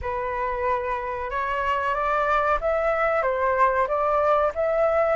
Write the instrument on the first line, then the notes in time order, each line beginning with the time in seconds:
flute
0.01 B4
1.30 C#5
1.94 D5
2.60 E5
3.22 C5
3.87 D5
4.54 E5